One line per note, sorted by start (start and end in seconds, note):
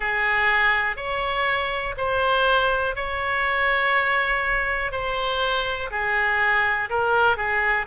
0.00 0.96 G#4
0.96 1.94 C#5
1.97 2.95 C5
2.95 4.91 C#5
4.91 5.90 C5
5.90 6.89 G#4
6.89 7.36 A#4
7.36 7.86 G#4